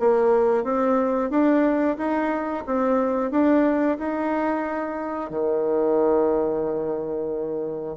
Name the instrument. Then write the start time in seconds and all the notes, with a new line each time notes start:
bassoon
0.00 A#3
0.64 C4
1.31 D4
1.98 D#4
2.67 C4
3.32 D4
3.99 D#4
5.31 D#3